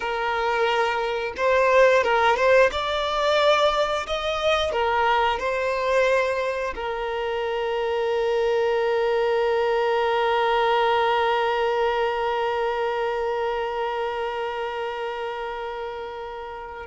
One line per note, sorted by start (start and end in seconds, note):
0.00 1.33 A#4
1.36 2.03 C5
2.03 2.36 A#4
2.36 2.70 C5
2.71 4.06 D5
4.06 4.72 D#5
4.72 5.39 A#4
5.39 6.74 C5
6.75 16.86 A#4